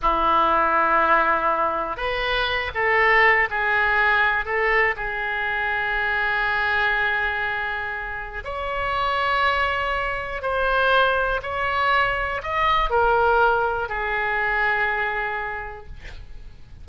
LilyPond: \new Staff \with { instrumentName = "oboe" } { \time 4/4 \tempo 4 = 121 e'1 | b'4. a'4. gis'4~ | gis'4 a'4 gis'2~ | gis'1~ |
gis'4 cis''2.~ | cis''4 c''2 cis''4~ | cis''4 dis''4 ais'2 | gis'1 | }